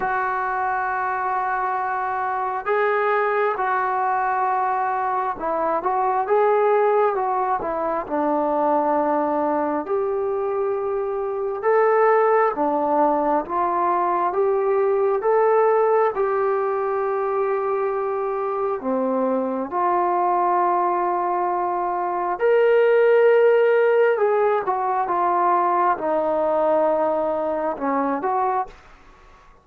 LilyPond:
\new Staff \with { instrumentName = "trombone" } { \time 4/4 \tempo 4 = 67 fis'2. gis'4 | fis'2 e'8 fis'8 gis'4 | fis'8 e'8 d'2 g'4~ | g'4 a'4 d'4 f'4 |
g'4 a'4 g'2~ | g'4 c'4 f'2~ | f'4 ais'2 gis'8 fis'8 | f'4 dis'2 cis'8 fis'8 | }